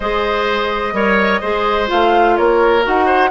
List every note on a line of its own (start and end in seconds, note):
0.00 0.92 G#3
0.00 0.93 G#4
0.00 0.93 C5
0.00 1.89 D#5
0.92 1.40 G3
0.92 1.40 A#4
0.92 1.40 C#5
1.40 1.89 G#3
1.40 1.86 G#4
1.40 2.35 C5
1.86 2.38 A3
1.86 2.81 F4
1.86 2.37 F5
2.37 2.86 A#3
2.37 3.06 A#4
2.37 2.84 C#5
2.82 3.31 D#4
2.82 3.30 F#4
2.82 3.31 F#5
3.06 3.29 C5